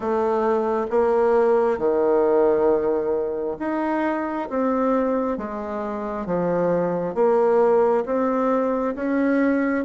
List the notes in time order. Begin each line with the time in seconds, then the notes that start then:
0.00 A3
0.90 A#3
1.77 D#3
3.59 D#4
4.49 C4
5.37 G#3
6.26 F3
7.14 A#3
8.05 C4
8.95 C#4